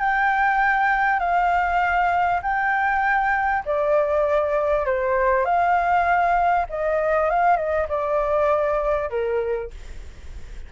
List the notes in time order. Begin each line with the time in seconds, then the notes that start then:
0.00 G5
1.20 F5
2.42 G5
3.66 D5
4.86 C5
5.45 F5
6.70 D#5
7.30 F5
7.57 D#5
7.89 D5
9.10 A#4